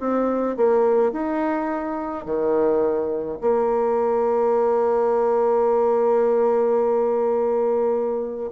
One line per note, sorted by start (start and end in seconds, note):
0.00 0.57 C4
0.57 1.12 A#3
1.12 2.25 D#4
2.26 3.39 D#3
3.41 8.51 A#3